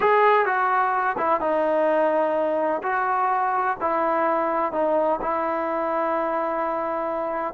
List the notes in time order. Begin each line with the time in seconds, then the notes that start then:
0.00 G#4
0.45 F#4
1.17 E4
1.40 D#4
2.82 F#4
3.80 E4
4.72 D#4
5.21 E4